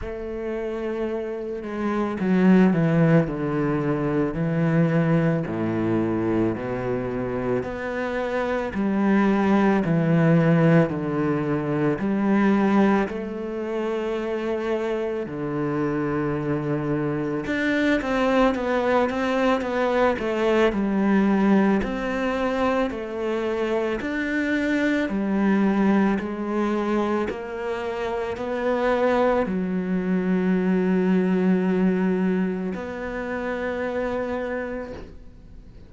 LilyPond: \new Staff \with { instrumentName = "cello" } { \time 4/4 \tempo 4 = 55 a4. gis8 fis8 e8 d4 | e4 a,4 b,4 b4 | g4 e4 d4 g4 | a2 d2 |
d'8 c'8 b8 c'8 b8 a8 g4 | c'4 a4 d'4 g4 | gis4 ais4 b4 fis4~ | fis2 b2 | }